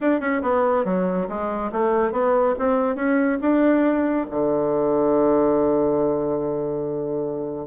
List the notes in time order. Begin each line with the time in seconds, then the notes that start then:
0.00 D4
0.20 C#4
0.42 B3
0.84 F#3
1.28 G#3
1.72 A3
2.12 B3
2.58 C4
2.95 C#4
3.41 D4
4.30 D3